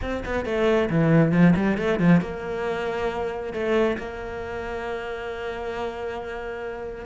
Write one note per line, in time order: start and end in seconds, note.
0.01 0.23 C4
0.25 0.45 B3
0.45 0.89 A3
0.89 1.32 E3
1.32 1.54 F3
1.55 1.77 G3
1.77 1.99 A3
1.99 2.21 F3
2.21 3.53 A#3
3.53 3.97 A3
3.98 7.05 A#3